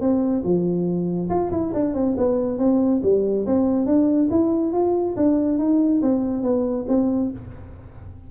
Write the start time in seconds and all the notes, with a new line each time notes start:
0.00 C4
0.43 F3
1.29 F4
1.51 E4
1.73 D4
1.94 C4
2.17 B3
2.58 C4
3.03 G3
3.46 C4
3.86 D4
4.30 E4
4.72 F4
5.16 D4
5.58 D#4
6.02 C4
6.42 B3
6.88 C4